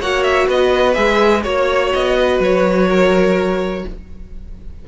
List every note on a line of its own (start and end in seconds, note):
0.00 0.48 A#3
0.00 0.95 F#4
0.00 0.47 C#5
0.00 0.24 F#5
0.24 0.48 E5
0.47 0.97 B3
0.47 1.44 B4
0.47 0.95 D#5
0.95 1.45 G#3
0.95 1.43 G#4
0.95 1.43 E5
1.43 1.94 A#3
1.43 3.86 F#4
1.43 1.91 C#5
1.43 2.19 C#5
1.94 2.40 B3
1.94 2.42 D#5
2.19 2.88 B4
2.40 3.85 F#3
2.40 3.88 C#5
2.88 3.85 A#4